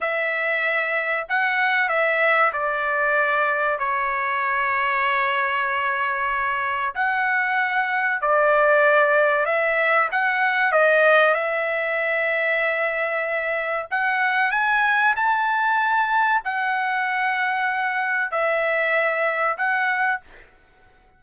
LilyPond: \new Staff \with { instrumentName = "trumpet" } { \time 4/4 \tempo 4 = 95 e''2 fis''4 e''4 | d''2 cis''2~ | cis''2. fis''4~ | fis''4 d''2 e''4 |
fis''4 dis''4 e''2~ | e''2 fis''4 gis''4 | a''2 fis''2~ | fis''4 e''2 fis''4 | }